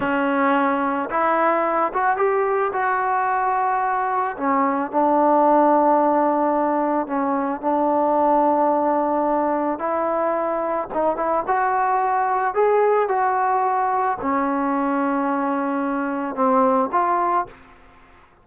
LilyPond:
\new Staff \with { instrumentName = "trombone" } { \time 4/4 \tempo 4 = 110 cis'2 e'4. fis'8 | g'4 fis'2. | cis'4 d'2.~ | d'4 cis'4 d'2~ |
d'2 e'2 | dis'8 e'8 fis'2 gis'4 | fis'2 cis'2~ | cis'2 c'4 f'4 | }